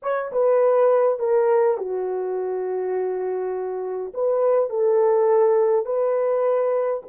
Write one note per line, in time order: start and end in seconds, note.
0.02 0.31 C#5
0.32 1.19 B4
1.19 1.77 A#4
1.77 4.12 F#4
4.14 4.69 B4
4.69 5.85 A4
5.85 7.03 B4